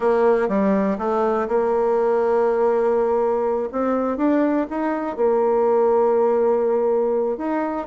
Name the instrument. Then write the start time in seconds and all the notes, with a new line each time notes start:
bassoon
0.00 A#3
0.48 G3
0.98 A3
1.48 A#3
3.71 C4
4.17 D4
4.70 D#4
5.16 A#3
7.37 D#4